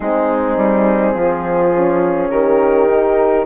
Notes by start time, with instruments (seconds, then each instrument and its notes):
0.00 bassoon G#3, horn C4 D#4, flute G#4
0.56 bassoon G3
1.13 bassoon F3, horn F4
1.74 horn C#4
2.30 bassoon D#3, horn G4, flute A#4
2.87 horn D#4